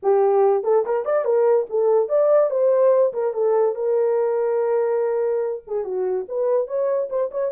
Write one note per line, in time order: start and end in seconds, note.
0.02 0.63 G4
0.63 0.84 A4
0.85 1.05 A#4
1.05 1.24 D5
1.24 1.66 A#4
1.69 2.09 A4
2.09 2.50 D5
2.50 3.12 C5
3.13 3.33 A#4
3.33 3.75 A4
3.75 5.62 A#4
5.67 5.84 G#4
5.84 6.26 F#4
6.28 6.67 B4
6.67 7.08 C#5
7.09 7.30 C5
7.31 7.51 C#5